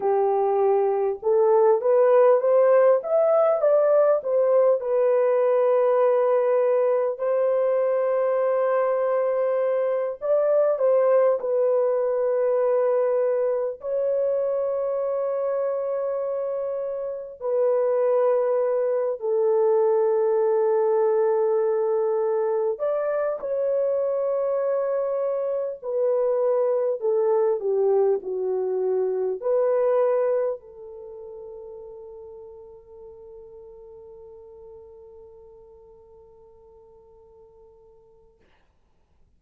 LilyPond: \new Staff \with { instrumentName = "horn" } { \time 4/4 \tempo 4 = 50 g'4 a'8 b'8 c''8 e''8 d''8 c''8 | b'2 c''2~ | c''8 d''8 c''8 b'2 cis''8~ | cis''2~ cis''8 b'4. |
a'2. d''8 cis''8~ | cis''4. b'4 a'8 g'8 fis'8~ | fis'8 b'4 a'2~ a'8~ | a'1 | }